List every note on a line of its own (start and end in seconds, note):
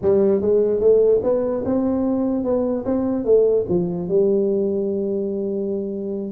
0.01 0.41 G3
0.41 0.80 G#3
0.80 1.21 A3
1.23 1.63 B3
1.65 2.44 C4
2.44 2.84 B3
2.85 3.24 C4
3.24 3.65 A3
3.68 4.08 F3
4.08 6.32 G3